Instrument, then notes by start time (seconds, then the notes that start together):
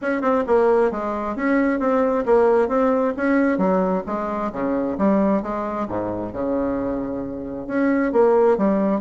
bassoon
0.01 C#4
0.21 C4
0.47 A#3
0.91 G#3
1.36 C#4
1.79 C4
2.25 A#3
2.68 C4
3.17 C#4
3.58 F#3
4.06 G#3
4.52 C#3
4.98 G3
5.42 G#3
5.88 G#2
6.32 C#3
7.67 C#4
8.12 A#3
8.57 G3